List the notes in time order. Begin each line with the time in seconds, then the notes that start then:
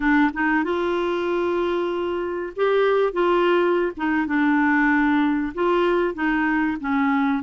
0.00 D4
0.33 D#4
0.63 F4
2.56 G4
3.13 F4
3.96 D#4
4.26 D4
5.54 F4
6.14 D#4
6.80 C#4